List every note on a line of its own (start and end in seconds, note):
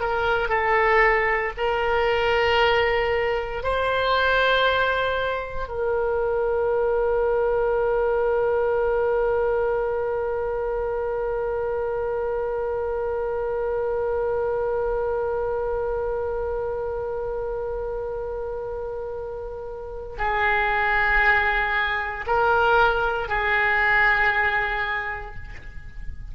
0.00 0.48 A#4
0.48 1.52 A4
1.57 3.63 A#4
3.63 5.68 C5
5.68 20.16 A#4
20.18 22.25 G#4
22.26 23.28 A#4
23.28 25.35 G#4